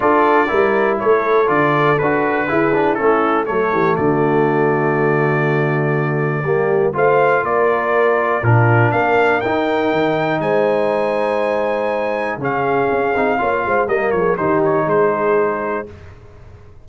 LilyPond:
<<
  \new Staff \with { instrumentName = "trumpet" } { \time 4/4 \tempo 4 = 121 d''2 cis''4 d''4 | b'2 a'4 cis''4 | d''1~ | d''2 f''4 d''4~ |
d''4 ais'4 f''4 g''4~ | g''4 gis''2.~ | gis''4 f''2. | dis''8 cis''8 c''8 cis''8 c''2 | }
  \new Staff \with { instrumentName = "horn" } { \time 4/4 a'4 ais'4 a'2~ | a'4 gis'4 e'4 a'8 g'8 | fis'1~ | fis'4 g'4 c''4 ais'4~ |
ais'4 f'4 ais'2~ | ais'4 c''2.~ | c''4 gis'2 cis''8 c''8 | ais'8 gis'8 g'4 gis'2 | }
  \new Staff \with { instrumentName = "trombone" } { \time 4/4 f'4 e'2 f'4 | fis'4 e'8 d'8 cis'4 a4~ | a1~ | a4 ais4 f'2~ |
f'4 d'2 dis'4~ | dis'1~ | dis'4 cis'4. dis'8 f'4 | ais4 dis'2. | }
  \new Staff \with { instrumentName = "tuba" } { \time 4/4 d'4 g4 a4 d4 | d'4 e'4 a4 fis8 e8 | d1~ | d4 g4 a4 ais4~ |
ais4 ais,4 ais4 dis'4 | dis4 gis2.~ | gis4 cis4 cis'8 c'8 ais8 gis8 | g8 f8 dis4 gis2 | }
>>